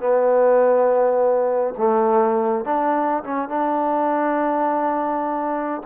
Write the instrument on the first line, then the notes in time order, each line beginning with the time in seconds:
trombone
0.00 B3
1.78 A3
2.65 D4
3.24 C#4
3.49 D4